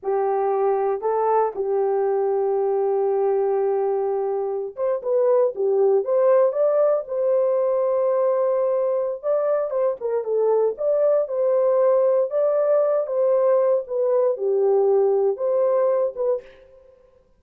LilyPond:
\new Staff \with { instrumentName = "horn" } { \time 4/4 \tempo 4 = 117 g'2 a'4 g'4~ | g'1~ | g'4~ g'16 c''8 b'4 g'4 c''16~ | c''8. d''4 c''2~ c''16~ |
c''2 d''4 c''8 ais'8 | a'4 d''4 c''2 | d''4. c''4. b'4 | g'2 c''4. b'8 | }